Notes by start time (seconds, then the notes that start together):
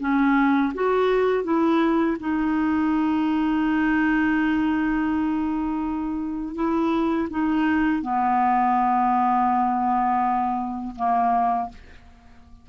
0.00 C#4
0.74 F#4
1.44 E4
2.20 D#4
6.55 E4
7.30 D#4
8.03 B3
10.96 A#3